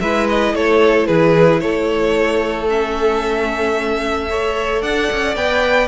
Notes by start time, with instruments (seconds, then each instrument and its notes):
0.00 cello G#3, viola E4, violin B4 E5
0.29 violin D#5
0.54 cello A3, violin A4 C#5
1.06 cello E3, violin G#4 B4
1.60 cello A3, violin A4 C#5
2.69 viola C#4, violin E5
4.30 viola A4, violin C#5
4.82 cello D4, violin D5 F#5
5.12 cello C#4
5.35 cello B3, viola B4, violin G5